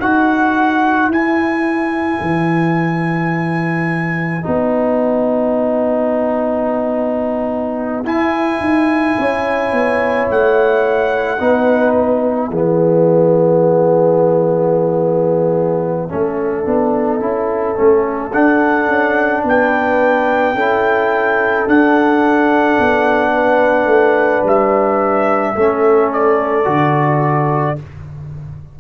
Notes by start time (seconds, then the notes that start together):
0.00 D#4 F#4 B4 F#5
1.08 E4 G#5
2.22 E3
4.43 B3 D#4 F#5
8.04 E4 G#5
8.60 D#4
9.19 C#4 C#5
9.72 B3
10.31 A3 F#5
11.40 B3 D#4 B4
11.93 E5
12.50 E3 B3 G#4
16.09 A3 C#4 A4
16.65 B3 D4
17.20 C#4 E4
17.76 A3 C#4
18.33 D4 F#5
18.88 C#4
19.44 B3 B4 G5
20.54 C#4 E4 A4
21.67 D4 F#5
22.79 B3
23.34 B4
23.86 A3
24.44 G3 E5
25.56 A3 C#4 A4
26.13 D5
26.65 D3 F#4